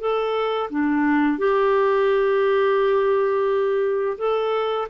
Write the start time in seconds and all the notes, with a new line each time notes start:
0.00 A4
0.70 D4
1.38 G4
4.18 A4